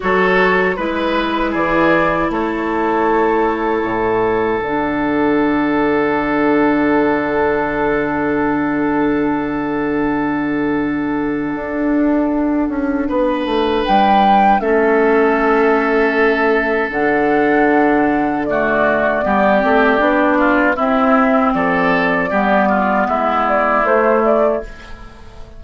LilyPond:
<<
  \new Staff \with { instrumentName = "flute" } { \time 4/4 \tempo 4 = 78 cis''4 b'4 d''4 cis''4~ | cis''2 fis''2~ | fis''1~ | fis''1~ |
fis''2 g''4 e''4~ | e''2 fis''2 | d''2. e''4 | d''2 e''8 d''8 c''8 d''8 | }
  \new Staff \with { instrumentName = "oboe" } { \time 4/4 a'4 b'4 gis'4 a'4~ | a'1~ | a'1~ | a'1~ |
a'4 b'2 a'4~ | a'1 | fis'4 g'4. f'8 e'4 | a'4 g'8 f'8 e'2 | }
  \new Staff \with { instrumentName = "clarinet" } { \time 4/4 fis'4 e'2.~ | e'2 d'2~ | d'1~ | d'1~ |
d'2. cis'4~ | cis'2 d'2 | a4 b8 c'8 d'4 c'4~ | c'4 b2 a4 | }
  \new Staff \with { instrumentName = "bassoon" } { \time 4/4 fis4 gis4 e4 a4~ | a4 a,4 d2~ | d1~ | d2. d'4~ |
d'8 cis'8 b8 a8 g4 a4~ | a2 d2~ | d4 g8 a8 b4 c'4 | f4 g4 gis4 a4 | }
>>